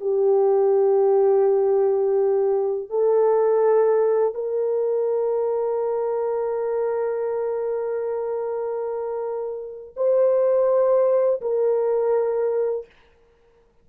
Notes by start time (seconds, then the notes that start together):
0.00 G4
2.89 A4
4.34 A#4
9.96 C5
11.41 A#4